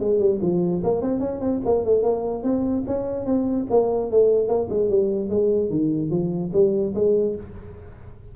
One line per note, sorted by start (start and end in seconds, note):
0.00 0.20 G#3
0.20 0.40 G3
0.42 0.83 F3
0.84 1.02 A#3
1.02 1.20 C4
1.20 1.41 C#4
1.41 1.61 C4
1.65 1.85 A#3
1.85 2.03 A3
2.03 2.44 A#3
2.44 2.85 C4
2.87 3.26 C#4
3.26 3.67 C4
3.70 4.11 A#3
4.11 4.48 A3
4.48 4.69 A#3
4.70 4.90 G#3
4.90 5.30 G3
5.30 5.71 G#3
5.71 6.11 D#3
6.11 6.51 F3
6.53 6.94 G3
6.95 7.36 G#3